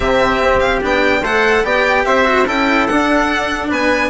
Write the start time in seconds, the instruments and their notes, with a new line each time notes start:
0.00 bassoon C3, cello C4, trumpet G4, violin E5
0.40 bassoon C4
0.59 violin F5
0.81 bassoon B3, cello D4, violin G5
1.21 bassoon A3, cello A4, trumpet C5, violin F#5
1.63 bassoon B3, cello G4, trumpet D5, violin G5
2.05 bassoon C4, trumpet C5, violin E5
2.24 cello F#4
2.46 bassoon C#4, cello E4, trumpet A4, violin G5
2.86 bassoon D4, cello D4, violin F#5
3.69 bassoon B3, trumpet B4, violin G#5